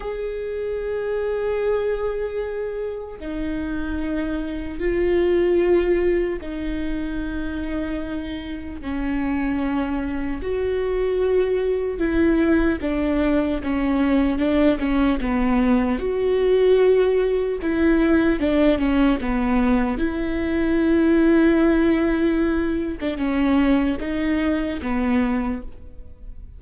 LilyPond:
\new Staff \with { instrumentName = "viola" } { \time 4/4 \tempo 4 = 75 gis'1 | dis'2 f'2 | dis'2. cis'4~ | cis'4 fis'2 e'4 |
d'4 cis'4 d'8 cis'8 b4 | fis'2 e'4 d'8 cis'8 | b4 e'2.~ | e'8. d'16 cis'4 dis'4 b4 | }